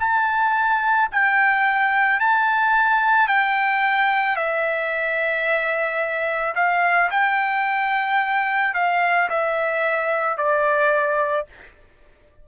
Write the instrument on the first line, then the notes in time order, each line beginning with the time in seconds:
trumpet
0.00 A5
1.12 G5
2.20 A5
3.28 G5
4.36 E5
6.56 F5
7.11 G5
8.74 F5
9.29 E5
10.37 D5